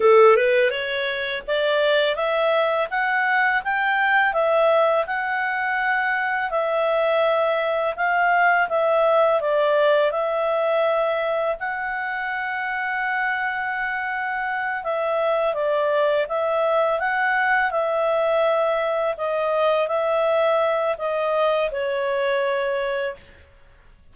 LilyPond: \new Staff \with { instrumentName = "clarinet" } { \time 4/4 \tempo 4 = 83 a'8 b'8 cis''4 d''4 e''4 | fis''4 g''4 e''4 fis''4~ | fis''4 e''2 f''4 | e''4 d''4 e''2 |
fis''1~ | fis''8 e''4 d''4 e''4 fis''8~ | fis''8 e''2 dis''4 e''8~ | e''4 dis''4 cis''2 | }